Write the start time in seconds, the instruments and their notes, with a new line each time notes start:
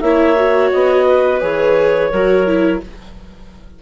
0.00 bassoon A#3, viola E4, clarinet C#5 E5
0.36 viola F#4
0.71 bassoon B3, clarinet D#5
1.06 clarinet B4
1.40 bassoon E3, viola G#4, clarinet C#5
2.10 bassoon F#3, viola F#4, clarinet A#4
2.46 viola E4